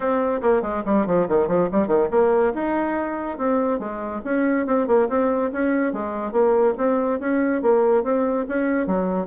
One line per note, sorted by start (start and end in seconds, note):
0.00 0.41 C4
0.41 0.62 A#3
0.62 0.83 G#3
0.85 1.06 G3
1.06 1.27 F3
1.28 1.47 D#3
1.47 1.68 F3
1.71 1.87 G3
1.87 2.08 D#3
2.10 2.53 A#3
2.54 3.37 D#4
3.37 3.79 C4
3.79 4.21 G#3
4.24 4.66 C#4
4.66 4.87 C4
4.87 5.08 A#3
5.09 5.51 C4
5.52 5.93 C#4
5.93 6.31 G#3
6.31 6.74 A#3
6.77 7.19 C4
7.19 7.62 C#4
7.62 8.03 A#3
8.03 8.46 C4
8.48 8.87 C#4
8.87 9.27 F#3